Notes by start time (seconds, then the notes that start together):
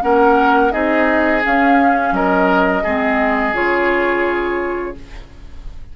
0.00 A#3 C#4 A#4 F#5
0.71 C4 D#4 G#4 D#5
1.42 C#4 F5
2.11 F#3 A#4 D#5
2.82 G#3 C4 G#4
3.53 C#3 F4 C#5